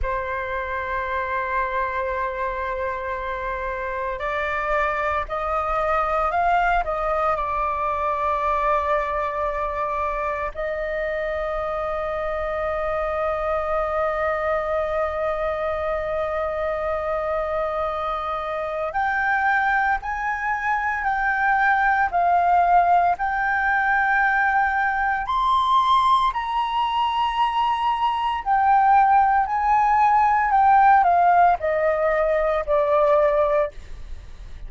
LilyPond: \new Staff \with { instrumentName = "flute" } { \time 4/4 \tempo 4 = 57 c''1 | d''4 dis''4 f''8 dis''8 d''4~ | d''2 dis''2~ | dis''1~ |
dis''2 g''4 gis''4 | g''4 f''4 g''2 | c'''4 ais''2 g''4 | gis''4 g''8 f''8 dis''4 d''4 | }